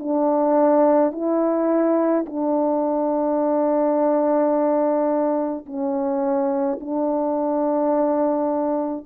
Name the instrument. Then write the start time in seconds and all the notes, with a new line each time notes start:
horn
0.00 D4
1.13 E4
2.26 D4
5.67 C#4
6.81 D4